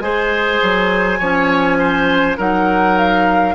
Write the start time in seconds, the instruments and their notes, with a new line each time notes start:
0.00 bassoon G#3, clarinet G#4, oboe C5, flute G#5
0.62 bassoon F#3
1.19 bassoon F3, clarinet C#4, oboe C#5
1.78 oboe C5
2.37 bassoon F#3, clarinet D#4, oboe A#4, flute F#5
2.98 flute F5